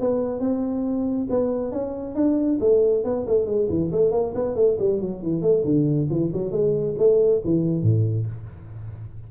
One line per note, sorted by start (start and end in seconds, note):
0.00 0.39 B3
0.39 1.27 C4
1.29 1.72 B3
1.72 2.15 C#4
2.15 2.59 D4
2.60 3.04 A3
3.04 3.26 B3
3.27 3.45 A3
3.45 3.67 G#3
3.69 3.91 E3
3.92 4.11 A3
4.11 4.33 A#3
4.34 4.55 B3
4.55 4.77 A3
4.79 5.00 G3
5.01 5.22 F#3
5.22 5.41 E3
5.41 5.63 A3
5.64 6.08 D3
6.10 6.31 E3
6.33 6.51 F#3
6.51 6.95 G#3
6.98 7.42 A3
7.44 7.82 E3
7.82 8.26 A2